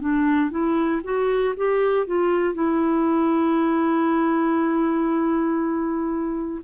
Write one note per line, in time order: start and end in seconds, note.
0.00 0.51 D4
0.51 1.02 E4
1.04 1.55 F#4
1.57 2.07 G4
2.07 2.54 F4
2.54 6.61 E4